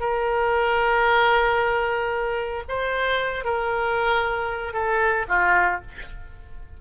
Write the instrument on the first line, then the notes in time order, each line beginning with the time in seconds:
oboe
0.00 A#4
2.68 C5
3.44 A#4
4.73 A4
5.28 F4